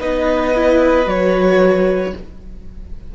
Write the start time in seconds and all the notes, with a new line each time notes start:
0.00 B3 D#4 B4 D#5
0.55 E4
1.06 F#3 F#4 C#5